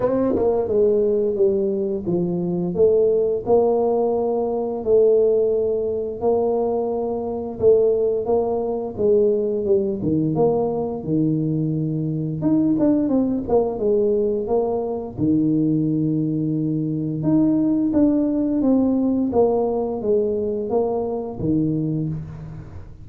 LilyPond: \new Staff \with { instrumentName = "tuba" } { \time 4/4 \tempo 4 = 87 c'8 ais8 gis4 g4 f4 | a4 ais2 a4~ | a4 ais2 a4 | ais4 gis4 g8 dis8 ais4 |
dis2 dis'8 d'8 c'8 ais8 | gis4 ais4 dis2~ | dis4 dis'4 d'4 c'4 | ais4 gis4 ais4 dis4 | }